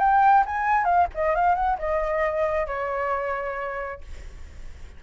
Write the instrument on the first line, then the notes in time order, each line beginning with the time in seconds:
flute
0.00 G5
0.46 G#5
0.85 F5
1.15 D#5
1.36 F5
1.56 F#5
1.79 D#5
2.67 C#5